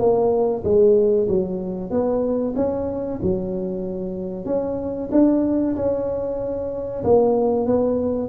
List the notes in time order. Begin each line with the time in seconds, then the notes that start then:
0.00 A#3
0.64 G#3
1.29 F#3
1.91 B3
2.56 C#4
3.23 F#3
4.46 C#4
5.12 D4
5.76 C#4
7.04 A#3
7.67 B3